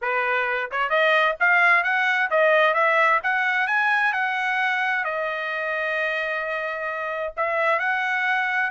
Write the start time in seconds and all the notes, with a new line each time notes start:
0.01 B4
0.71 C#5
0.89 D#5
1.40 F5
1.83 F#5
2.30 D#5
2.74 E5
3.23 F#5
3.67 G#5
4.12 F#5
5.04 D#5
7.36 E5
7.79 F#5